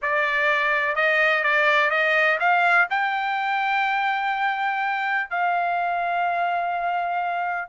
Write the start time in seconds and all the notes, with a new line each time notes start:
0.02 D5
0.95 D#5
1.43 D5
1.90 D#5
2.39 F5
2.90 G5
5.30 F5